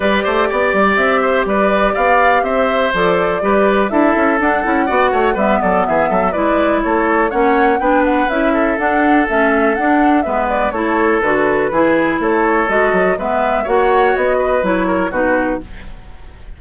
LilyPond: <<
  \new Staff \with { instrumentName = "flute" } { \time 4/4 \tempo 4 = 123 d''2 e''4 d''4 | f''4 e''4 d''2 | e''4 fis''2 e''8 d''8 | e''4 d''4 cis''4 fis''4 |
g''8 fis''8 e''4 fis''4 e''4 | fis''4 e''8 d''8 cis''4 b'4~ | b'4 cis''4 dis''4 e''4 | fis''4 dis''4 cis''4 b'4 | }
  \new Staff \with { instrumentName = "oboe" } { \time 4/4 b'8 c''8 d''4. c''8 b'4 | d''4 c''2 b'4 | a'2 d''8 cis''8 b'8 a'8 | gis'8 a'8 b'4 a'4 cis''4 |
b'4. a'2~ a'8~ | a'4 b'4 a'2 | gis'4 a'2 b'4 | cis''4. b'4 ais'8 fis'4 | }
  \new Staff \with { instrumentName = "clarinet" } { \time 4/4 g'1~ | g'2 a'4 g'4 | e'4 d'8 e'8 fis'4 b4~ | b4 e'2 cis'4 |
d'4 e'4 d'4 cis'4 | d'4 b4 e'4 fis'4 | e'2 fis'4 b4 | fis'2 e'4 dis'4 | }
  \new Staff \with { instrumentName = "bassoon" } { \time 4/4 g8 a8 b8 g8 c'4 g4 | b4 c'4 f4 g4 | d'8 cis'8 d'8 cis'8 b8 a8 g8 fis8 | e8 fis8 gis4 a4 ais4 |
b4 cis'4 d'4 a4 | d'4 gis4 a4 d4 | e4 a4 gis8 fis8 gis4 | ais4 b4 fis4 b,4 | }
>>